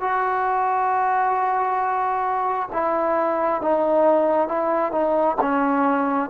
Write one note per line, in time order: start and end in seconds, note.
0.00 2.69 F#4
2.72 3.61 E4
3.61 4.48 D#4
4.48 4.91 E4
4.91 5.36 D#4
5.41 6.29 C#4